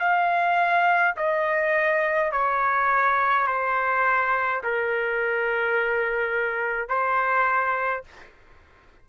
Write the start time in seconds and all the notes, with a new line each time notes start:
0.00 F5
1.17 D#5
2.32 C#5
3.47 C5
4.64 A#4
6.89 C5